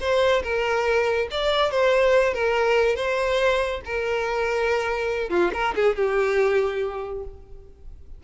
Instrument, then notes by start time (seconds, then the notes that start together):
violin
0.00 C5
0.43 A#4
1.31 D5
1.71 C5
2.34 A#4
2.96 C5
3.85 A#4
5.30 F4
5.53 A#4
5.75 G#4
5.96 G4